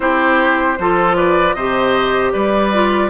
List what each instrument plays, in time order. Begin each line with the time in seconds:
0.00 bassoon C4, clarinet E4, oboe G4, flute C5
0.78 bassoon F3, clarinet F4, oboe A4
1.15 oboe B4, flute D5
1.53 bassoon C3, clarinet G4, oboe C5, flute D#5
2.32 bassoon G3, oboe B4, flute D5
2.73 clarinet F4